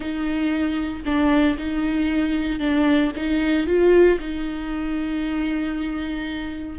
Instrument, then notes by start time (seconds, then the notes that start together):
viola
0.00 D#4
1.05 D4
1.57 D#4
2.59 D4
3.15 D#4
3.66 F4
4.19 D#4